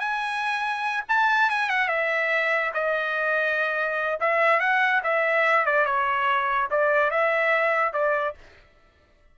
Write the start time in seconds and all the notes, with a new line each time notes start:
0.00 G#5
1.09 A5
1.50 G#5
1.70 F#5
1.89 E5
2.74 D#5
4.20 E5
4.60 F#5
5.04 E5
5.66 D5
5.86 C#5
6.71 D5
7.11 E5
7.93 D5